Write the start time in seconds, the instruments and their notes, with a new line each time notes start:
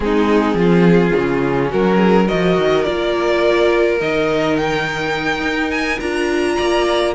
0.00 cello G#3, viola C4, violin D#4 G#4
0.54 cello F3, violin F4
1.14 cello C#3, viola C#4
1.69 cello F#3, violin F#4 A#4
1.96 violin G#4
2.25 viola F#4, violin A#4 D#5
2.33 cello F3
2.57 cello D#3
2.83 cello A#3, viola F4, violin D5
3.99 cello D#3, viola D#4, violin D#5
4.56 violin G5
5.41 cello D#4
5.70 violin G#5
5.99 cello D4, viola F4, violin A#5
6.56 cello A#3, violin D5